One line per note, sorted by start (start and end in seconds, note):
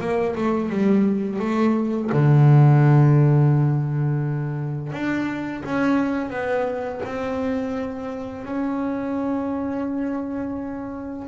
0.00 0.35 A#3
0.36 0.69 A3
0.69 1.39 G3
1.39 2.10 A3
2.12 4.92 D3
4.92 5.63 D4
5.64 6.30 C#4
6.30 7.01 B3
7.05 8.45 C4
8.45 11.27 C#4